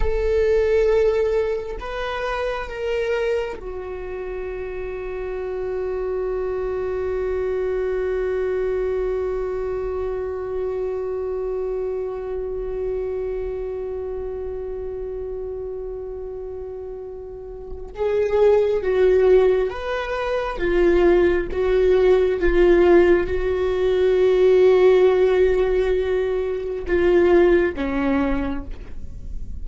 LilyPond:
\new Staff \with { instrumentName = "viola" } { \time 4/4 \tempo 4 = 67 a'2 b'4 ais'4 | fis'1~ | fis'1~ | fis'1~ |
fis'1 | gis'4 fis'4 b'4 f'4 | fis'4 f'4 fis'2~ | fis'2 f'4 cis'4 | }